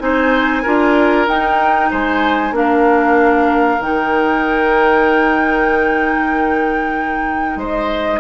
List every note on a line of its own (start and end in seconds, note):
0.00 0.64 C4
0.00 0.63 D#4
0.00 0.63 C5
0.00 1.27 G#5
0.63 1.28 D4
0.63 1.29 F4
0.63 1.89 A#4
1.28 1.91 D#4
1.28 2.53 D#4
1.28 1.91 G5
1.91 2.52 G#3
1.91 2.54 C5
1.91 2.56 G#5
2.52 3.78 A#3
2.52 3.79 D4
2.52 3.82 F5
2.59 7.59 A#4
3.80 7.56 D#3
3.80 8.21 D#4
3.80 7.61 G5
7.56 8.19 G#3
7.56 8.21 C5
7.62 8.21 D#5